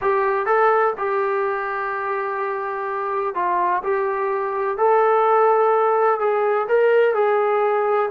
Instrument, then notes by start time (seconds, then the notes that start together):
trombone
0.01 G4
0.45 A4
0.97 G4
3.34 F4
3.83 G4
4.77 A4
6.19 G#4
6.68 A#4
7.14 G#4